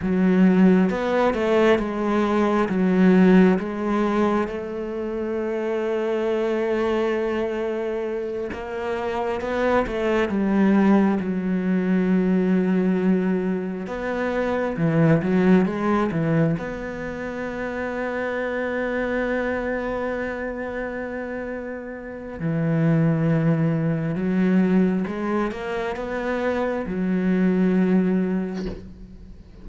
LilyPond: \new Staff \with { instrumentName = "cello" } { \time 4/4 \tempo 4 = 67 fis4 b8 a8 gis4 fis4 | gis4 a2.~ | a4. ais4 b8 a8 g8~ | g8 fis2. b8~ |
b8 e8 fis8 gis8 e8 b4.~ | b1~ | b4 e2 fis4 | gis8 ais8 b4 fis2 | }